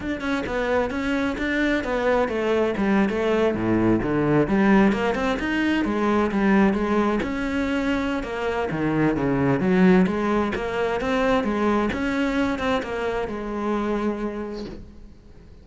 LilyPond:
\new Staff \with { instrumentName = "cello" } { \time 4/4 \tempo 4 = 131 d'8 cis'8 b4 cis'4 d'4 | b4 a4 g8. a4 a,16~ | a,8. d4 g4 ais8 c'8 dis'16~ | dis'8. gis4 g4 gis4 cis'16~ |
cis'2 ais4 dis4 | cis4 fis4 gis4 ais4 | c'4 gis4 cis'4. c'8 | ais4 gis2. | }